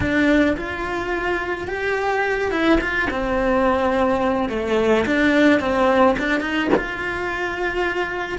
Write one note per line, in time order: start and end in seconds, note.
0.00 0.56 D4
0.56 1.67 F4
1.67 2.51 G4
2.51 2.79 E4
2.80 3.08 F4
3.10 4.49 C4
4.49 5.05 A3
5.06 5.60 D4
5.60 6.16 C4
6.19 6.40 D4
6.40 6.68 D#4
6.76 8.38 F4